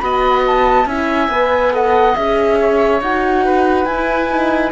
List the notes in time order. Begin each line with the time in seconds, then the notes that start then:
0.00 B3 F#4 D#5 B5
0.47 A5
0.86 C#4 E4 E5 G#5
1.29 B3 B4
1.73 A4 D#5 F#5
2.16 C#4 G#4 E5
2.60 C#5
3.02 D#4 F#4 F#5
3.45 B4
3.86 E4 G#5
4.31 D#4